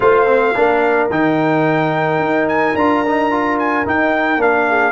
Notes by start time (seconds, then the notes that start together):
0.00 A3 F4 C5 F5
0.26 C4
0.55 A#3 D4 A#4
1.10 D#3 D#4 G5
2.19 D#4
2.48 G#5
2.75 D4 F4 A#5
3.06 D#4
3.30 F4
3.58 G#5
3.85 D#4 G5
4.37 A#3 D4 F5
4.69 G#4